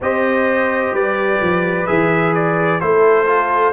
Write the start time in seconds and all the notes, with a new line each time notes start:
0.01 C4 G4 C5 D#5
0.92 G3 B4 D5
1.41 F3
1.86 E3 G#4 E5
2.34 D5
2.80 A3 E4 A4 C5
3.26 F4